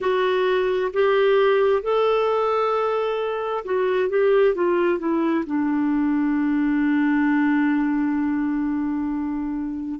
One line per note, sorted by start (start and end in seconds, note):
0.00 0.91 F#4
0.93 1.82 G4
1.82 3.64 A4
3.64 4.09 F#4
4.09 4.55 G4
4.55 4.98 F4
4.98 5.44 E4
5.45 10.00 D4